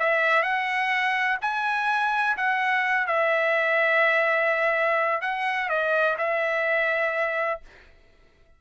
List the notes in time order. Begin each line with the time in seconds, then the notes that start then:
0.00 E5
0.43 F#5
1.42 G#5
2.38 F#5
3.08 E5
5.22 F#5
5.70 D#5
6.18 E5